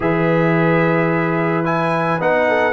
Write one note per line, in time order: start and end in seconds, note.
0.00 2.20 E3
0.00 1.64 G#4
0.00 2.48 B4
0.00 1.65 E5
1.64 2.19 E4
1.64 2.20 G#5
2.20 2.73 B3
2.20 2.73 D#4
2.20 2.73 F#5
2.48 2.73 A4